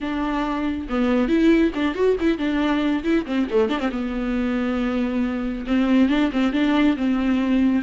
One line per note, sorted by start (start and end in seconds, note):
0.00 0.87 D4
0.89 1.28 B3
1.28 1.71 E4
1.75 1.94 D4
1.94 2.16 F#4
2.20 2.38 E4
2.38 3.03 D4
3.03 3.25 E4
3.25 3.47 C4
3.50 3.69 A3
3.69 3.79 D4
3.79 3.90 C4
3.91 5.65 B3
5.66 6.09 C4
6.09 6.31 D4
6.32 6.53 C4
6.53 6.96 D4
6.96 7.82 C4